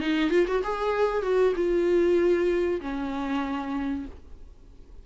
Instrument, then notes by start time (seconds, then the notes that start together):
viola
0.00 D#4
0.30 F4
0.47 F#4
0.64 G#4
1.23 F#4
1.56 F4
2.81 C#4